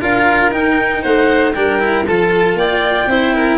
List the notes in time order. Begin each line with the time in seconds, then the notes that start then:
0.00 D4 F4 A#4 F5
0.51 D#4 G5
1.02 A3 C5 F#5
1.53 G3 D4 A#4 G5
1.79 E4
2.06 F3 F4 A4 A5
2.54 A#3 D5 G5
3.06 C4 E4 C5
3.34 A#4